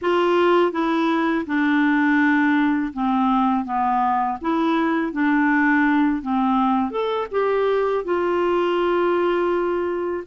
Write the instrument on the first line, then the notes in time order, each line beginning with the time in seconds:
clarinet
0.01 F4
0.72 E4
1.46 D4
2.93 C4
3.65 B3
4.41 E4
5.12 D4
6.22 C4
6.90 A4
7.31 G4
8.04 F4